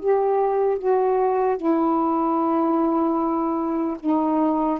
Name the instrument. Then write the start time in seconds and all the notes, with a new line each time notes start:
saxophone
0.00 G4
0.79 F#4
1.57 E4
4.00 D#4